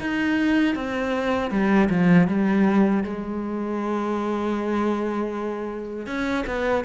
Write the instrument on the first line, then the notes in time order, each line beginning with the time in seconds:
cello
0.00 D#4
0.75 C4
1.51 G3
1.90 F3
2.28 G3
3.03 G#3
6.06 C#4
6.47 B3